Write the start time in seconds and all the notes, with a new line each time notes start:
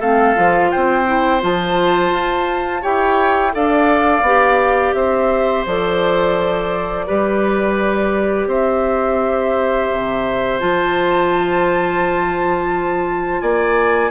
0.00 A3 C4 A4 F5
0.35 F3 F4
0.71 C4 C5 G5
1.06 E4
1.41 F3 F4 A5
2.12 F4
2.82 E4 G4 C#5 G5
3.52 D4 A4 D5 F5
4.22 B3 G4
4.94 C4 C5 E5
5.66 F3 A4 D5
7.07 G3 G4 B4
8.47 C4 C5 E5
9.92 C3
10.60 F3 F4 A5
13.41 A#3 D5 G#5